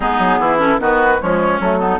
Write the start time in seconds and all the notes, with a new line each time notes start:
0.00 G#3 B3 D#4 G#4
0.18 F#3
0.38 E3 E4
0.58 C#4 A4
0.79 D#3 B3 F#4 B4
1.19 F3 G#3 C#4 C#5
1.59 F#3 A3 A4
1.79 B3 D#4